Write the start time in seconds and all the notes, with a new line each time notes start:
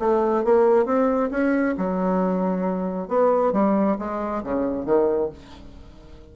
0.00 A3
0.45 A#3
0.86 C4
1.31 C#4
1.78 F#3
3.08 B3
3.53 G3
3.99 G#3
4.44 C#3
4.86 D#3